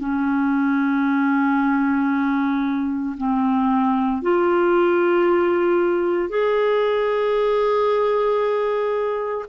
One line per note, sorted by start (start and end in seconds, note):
0.00 3.16 C#4
3.18 4.22 C4
4.22 6.30 F4
6.30 9.45 G#4